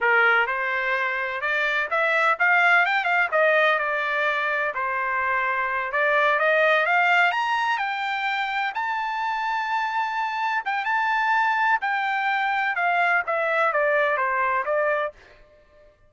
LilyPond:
\new Staff \with { instrumentName = "trumpet" } { \time 4/4 \tempo 4 = 127 ais'4 c''2 d''4 | e''4 f''4 g''8 f''8 dis''4 | d''2 c''2~ | c''8 d''4 dis''4 f''4 ais''8~ |
ais''8 g''2 a''4.~ | a''2~ a''8 g''8 a''4~ | a''4 g''2 f''4 | e''4 d''4 c''4 d''4 | }